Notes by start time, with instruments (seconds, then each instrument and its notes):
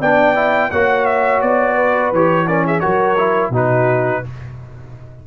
0.00 tuba B3, trombone D4, horn D5, trumpet G5
0.35 trombone E4
0.71 tuba A#3, trombone F#4, horn C#5, trumpet F#5
1.05 trumpet E5
1.42 tuba B3, trumpet D5
1.75 horn B4
2.12 tuba E3, trombone G4, trumpet C#5
2.47 trombone C#4, horn A#4, trumpet D5
2.66 horn G#4, trumpet E5
2.80 tuba F#3, trombone F#4, horn A#4, trumpet C#5
3.18 trombone E4
3.50 tuba B2, trombone D#4, horn F#4
3.56 trumpet B4